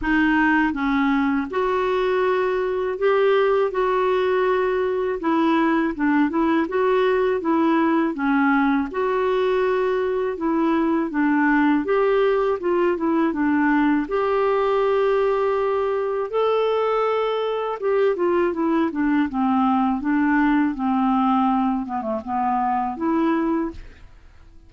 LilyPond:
\new Staff \with { instrumentName = "clarinet" } { \time 4/4 \tempo 4 = 81 dis'4 cis'4 fis'2 | g'4 fis'2 e'4 | d'8 e'8 fis'4 e'4 cis'4 | fis'2 e'4 d'4 |
g'4 f'8 e'8 d'4 g'4~ | g'2 a'2 | g'8 f'8 e'8 d'8 c'4 d'4 | c'4. b16 a16 b4 e'4 | }